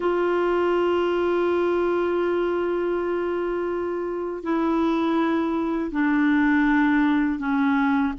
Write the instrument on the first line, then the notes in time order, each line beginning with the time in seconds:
clarinet
0.00 F4
4.43 E4
5.91 D4
7.39 C#4